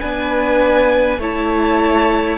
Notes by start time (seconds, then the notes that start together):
0.00 B3 D4 B4 G#5
1.18 A3 E4 C#5 A5